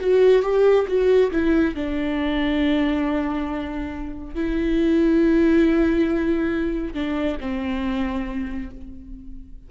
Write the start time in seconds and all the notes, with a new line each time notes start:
0.00 F#4
0.43 G4
0.87 F#4
1.32 E4
1.75 D4
4.35 E4
6.94 D4
7.41 C4